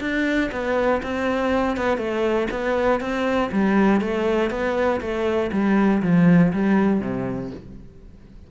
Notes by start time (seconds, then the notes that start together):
0.00 D4
0.51 B3
1.02 C4
1.77 B3
1.97 A3
2.50 B3
3.00 C4
3.51 G3
4.00 A3
4.50 B3
5.00 A3
5.52 G3
6.02 F3
6.52 G3
7.00 C3